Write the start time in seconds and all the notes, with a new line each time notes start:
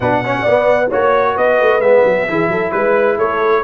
0.00 B2 D4 B4 F#5
0.24 C#4 C#5
0.42 B3 D5
0.88 A#3 F#4 C#5
1.35 B3 B4 D#5
1.60 A3
1.79 G#3 B3 E5
2.04 F#3
2.28 E3 E4 G#4
2.48 F#3 A4
2.71 G#3 B4
3.17 A3 A4 C#5